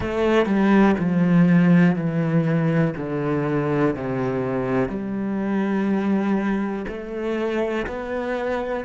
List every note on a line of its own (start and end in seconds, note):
0.00 0.46 A3
0.46 0.95 G3
0.98 1.95 F3
1.95 2.93 E3
2.96 3.95 D3
3.96 4.88 C3
4.88 6.85 G3
6.88 7.86 A3
7.86 8.84 B3